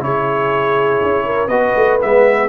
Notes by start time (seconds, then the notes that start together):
0.00 C#3 E4 G#4 C#5
1.02 C#4
1.25 A#4
1.48 B3 F#4 B4 D#5
1.75 A3
1.99 G#3 B3 E5